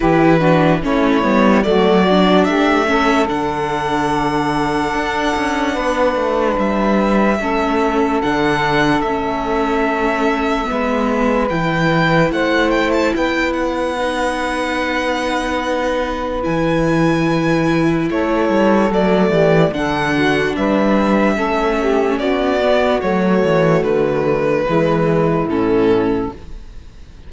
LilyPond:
<<
  \new Staff \with { instrumentName = "violin" } { \time 4/4 \tempo 4 = 73 b'4 cis''4 d''4 e''4 | fis''1 | e''2 fis''4 e''4~ | e''2 g''4 fis''8 g''16 a''16 |
g''8 fis''2.~ fis''8 | gis''2 cis''4 d''4 | fis''4 e''2 d''4 | cis''4 b'2 a'4 | }
  \new Staff \with { instrumentName = "saxophone" } { \time 4/4 g'8 fis'8 e'4 fis'4 g'8 a'8~ | a'2. b'4~ | b'4 a'2.~ | a'4 b'2 c''4 |
b'1~ | b'2 a'4. g'8 | a'8 fis'8 b'4 a'8 g'8 fis'4~ | fis'2 e'2 | }
  \new Staff \with { instrumentName = "viola" } { \time 4/4 e'8 d'8 cis'8 b8 a8 d'4 cis'8 | d'1~ | d'4 cis'4 d'4 cis'4~ | cis'4 b4 e'2~ |
e'4 dis'2. | e'2. a4 | d'2 cis'4. b8 | a2 gis4 cis'4 | }
  \new Staff \with { instrumentName = "cello" } { \time 4/4 e4 a8 g8 fis4 a4 | d2 d'8 cis'8 b8 a8 | g4 a4 d4 a4~ | a4 gis4 e4 a4 |
b1 | e2 a8 g8 fis8 e8 | d4 g4 a4 b4 | fis8 e8 d4 e4 a,4 | }
>>